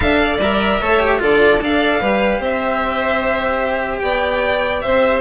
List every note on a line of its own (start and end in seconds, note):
0.00 0.38 D4
0.00 0.39 A4
0.00 0.21 E5
0.00 0.38 F5
0.21 0.80 D5
0.38 0.79 G3
0.38 0.82 A#4
0.38 1.21 E5
0.80 1.21 A3
0.80 0.99 A4
0.80 1.20 C#5
0.99 1.18 G4
1.18 1.60 D3
1.18 1.58 F4
1.18 1.61 A4
1.18 1.62 D5
1.60 2.01 D4
1.60 2.01 A4
1.60 2.01 D5
1.60 2.43 F5
2.01 2.39 G3
2.01 5.21 G4
2.01 2.40 B4
2.39 4.00 C4
2.39 4.01 C5
2.39 3.99 E5
3.99 4.83 B3
3.99 4.83 D5
3.99 4.80 G5
4.81 5.21 C4
4.81 5.21 C5
4.81 5.21 E5